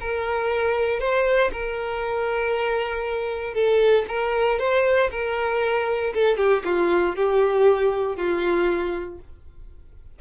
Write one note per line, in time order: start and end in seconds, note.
0.00 1.00 A#4
1.00 1.51 C5
1.52 3.54 A#4
3.54 4.05 A4
4.08 4.59 A#4
4.59 5.10 C5
5.11 6.14 A#4
6.14 6.37 A4
6.37 6.63 G4
6.65 7.15 F4
7.15 8.16 G4
8.16 9.19 F4